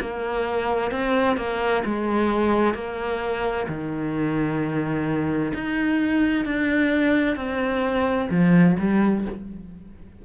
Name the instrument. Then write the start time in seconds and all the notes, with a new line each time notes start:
cello
0.00 A#3
0.91 C4
1.36 A#3
1.84 G#3
2.74 A#3
3.68 D#3
5.54 D#4
6.45 D4
7.36 C4
8.30 F3
8.79 G3